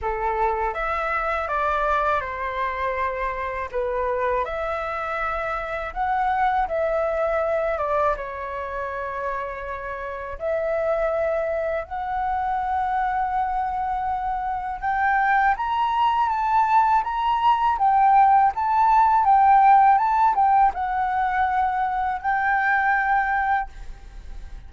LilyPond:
\new Staff \with { instrumentName = "flute" } { \time 4/4 \tempo 4 = 81 a'4 e''4 d''4 c''4~ | c''4 b'4 e''2 | fis''4 e''4. d''8 cis''4~ | cis''2 e''2 |
fis''1 | g''4 ais''4 a''4 ais''4 | g''4 a''4 g''4 a''8 g''8 | fis''2 g''2 | }